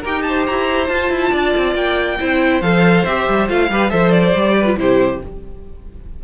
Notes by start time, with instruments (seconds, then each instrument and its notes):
0.00 cello D#4, viola G4, violin A#4 G5
0.22 violin C5 A5
0.46 cello E4, violin A#5
0.87 viola F4, cello F4, violin A5
1.10 cello E4
1.31 cello D4, violin D5
1.57 cello C4
1.75 cello A#3, violin G5
2.19 cello C4, viola E4, violin C5
2.61 cello F3, viola A4, violin F5
3.04 cello C4, viola G4, violin E5
3.28 cello G3
3.48 cello A3, viola F4, violin F5
3.70 cello G3, viola G4, violin B4
3.89 cello F3, viola A4, violin C5 E5
4.11 violin D5
4.34 cello G3, viola G4
4.57 violin B4
4.65 viola F4
4.76 cello C3, viola E4, violin G4 C5